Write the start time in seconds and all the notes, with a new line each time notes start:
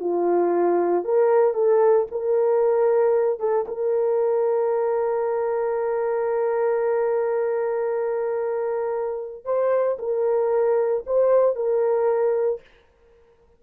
0.00 F4
1.05 A#4
1.54 A4
2.11 A#4
3.39 A4
3.68 A#4
9.45 C5
9.99 A#4
11.06 C5
11.56 A#4